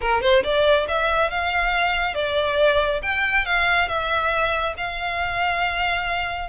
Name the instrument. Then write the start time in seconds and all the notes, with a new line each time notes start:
violin
0.01 A#4
0.21 C5
0.43 D5
0.88 E5
1.30 F5
2.14 D5
3.02 G5
3.45 F5
3.88 E5
4.77 F5